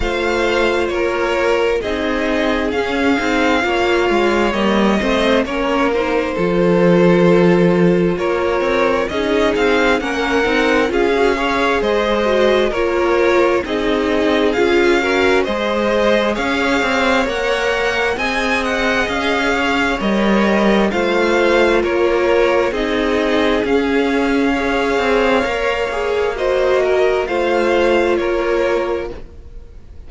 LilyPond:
<<
  \new Staff \with { instrumentName = "violin" } { \time 4/4 \tempo 4 = 66 f''4 cis''4 dis''4 f''4~ | f''4 dis''4 cis''8 c''4.~ | c''4 cis''4 dis''8 f''8 fis''4 | f''4 dis''4 cis''4 dis''4 |
f''4 dis''4 f''4 fis''4 | gis''8 fis''8 f''4 dis''4 f''4 | cis''4 dis''4 f''2~ | f''4 dis''4 f''4 cis''4 | }
  \new Staff \with { instrumentName = "violin" } { \time 4/4 c''4 ais'4 gis'2 | cis''4. c''8 ais'4 a'4~ | a'4 ais'4 gis'4 ais'4 | gis'8 cis''8 c''4 ais'4 gis'4~ |
gis'8 ais'8 c''4 cis''2 | dis''4. cis''4. c''4 | ais'4 gis'2 cis''4~ | cis''4 c''8 ais'8 c''4 ais'4 | }
  \new Staff \with { instrumentName = "viola" } { \time 4/4 f'2 dis'4 cis'8 dis'8 | f'4 ais8 c'8 cis'8 dis'8 f'4~ | f'2 dis'4 cis'8 dis'8 | f'16 fis'16 gis'4 fis'8 f'4 dis'4 |
f'8 fis'8 gis'2 ais'4 | gis'2 ais'4 f'4~ | f'4 dis'4 cis'4 gis'4 | ais'8 gis'8 fis'4 f'2 | }
  \new Staff \with { instrumentName = "cello" } { \time 4/4 a4 ais4 c'4 cis'8 c'8 | ais8 gis8 g8 a8 ais4 f4~ | f4 ais8 c'8 cis'8 c'8 ais8 c'8 | cis'4 gis4 ais4 c'4 |
cis'4 gis4 cis'8 c'8 ais4 | c'4 cis'4 g4 a4 | ais4 c'4 cis'4. c'8 | ais2 a4 ais4 | }
>>